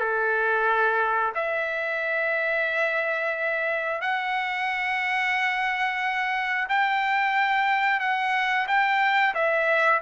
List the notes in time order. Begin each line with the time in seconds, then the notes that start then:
0.00 A4
1.35 E5
4.01 F#5
6.69 G5
8.00 F#5
8.68 G5
9.35 E5